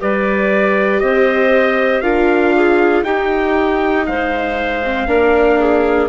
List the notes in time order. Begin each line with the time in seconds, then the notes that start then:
0.00 G3 G4 B4 D5
1.00 C4 C5 D#5
2.01 D4 F4 A#4 F5
2.55 G#4
3.04 D#4 G4 G5
4.06 G#3 C5 F5
4.83 C4
5.07 A#3 D4 A#4
5.59 G#4